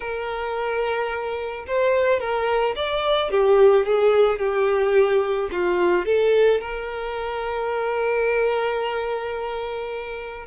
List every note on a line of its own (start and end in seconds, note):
0.00 1.65 A#4
1.67 2.20 C5
2.20 2.75 A#4
2.75 3.30 D5
3.31 3.85 G4
3.85 4.39 G#4
4.39 5.49 G4
5.51 6.05 F4
6.05 6.60 A4
6.60 10.46 A#4